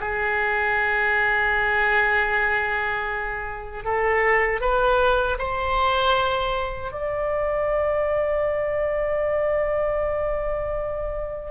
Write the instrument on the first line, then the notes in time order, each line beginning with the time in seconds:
oboe
0.00 G#4
3.84 A4
4.61 B4
5.38 C5
6.92 D5